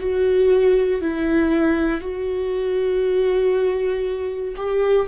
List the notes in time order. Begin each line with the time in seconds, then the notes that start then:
0.00 F#4
1.01 E4
2.01 F#4
4.57 G4